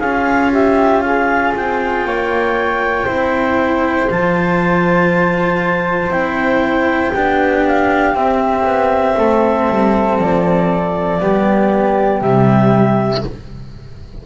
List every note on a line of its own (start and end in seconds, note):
0.00 1.54 C#4
0.00 3.08 F4
0.00 0.51 G#4
0.00 0.51 F5
0.53 1.04 G4
0.53 1.01 E5
1.01 2.07 G#4
1.01 1.52 F5
1.56 2.05 C4
1.56 4.11 G5
2.05 3.07 A#3
2.05 3.06 C#5
3.06 4.09 C4
3.06 4.09 E4
3.06 7.12 C5
4.11 6.09 F3
4.11 6.11 F4
4.11 6.12 A5
6.09 7.11 C4
6.09 7.13 E4
6.09 7.65 G5
7.13 8.14 B3
7.13 8.15 D4
7.13 9.16 G4
7.68 8.16 F5
8.14 8.65 C4
8.14 11.20 C4
8.14 10.20 E5
8.65 9.16 B3
9.18 9.69 A3
9.18 11.21 A4
9.70 10.19 G3
10.19 11.21 F3
10.19 12.22 D5
11.21 12.22 G3
11.21 12.22 B3
11.21 13.26 G4
12.22 13.24 C3
12.22 13.24 G3
12.22 13.24 E5